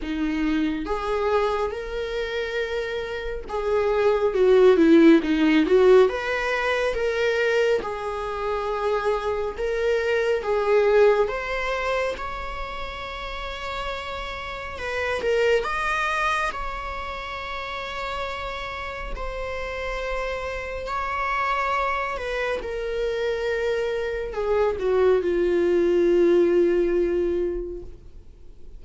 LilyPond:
\new Staff \with { instrumentName = "viola" } { \time 4/4 \tempo 4 = 69 dis'4 gis'4 ais'2 | gis'4 fis'8 e'8 dis'8 fis'8 b'4 | ais'4 gis'2 ais'4 | gis'4 c''4 cis''2~ |
cis''4 b'8 ais'8 dis''4 cis''4~ | cis''2 c''2 | cis''4. b'8 ais'2 | gis'8 fis'8 f'2. | }